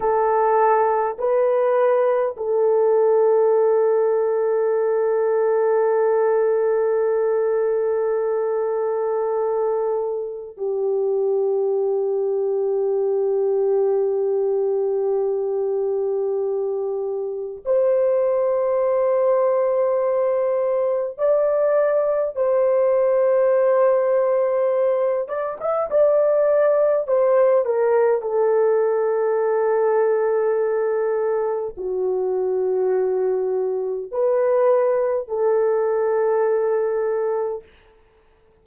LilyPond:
\new Staff \with { instrumentName = "horn" } { \time 4/4 \tempo 4 = 51 a'4 b'4 a'2~ | a'1~ | a'4 g'2.~ | g'2. c''4~ |
c''2 d''4 c''4~ | c''4. d''16 e''16 d''4 c''8 ais'8 | a'2. fis'4~ | fis'4 b'4 a'2 | }